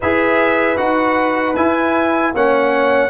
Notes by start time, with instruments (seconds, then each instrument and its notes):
0.00 tuba E4, trombone G#4, horn B4, trumpet E5
0.76 tuba D#4, trombone F#4, trumpet F#5
1.55 trombone E4, tuba E4, trumpet G#5
2.33 tuba A#3, trombone C#4, horn C#5, trumpet F#5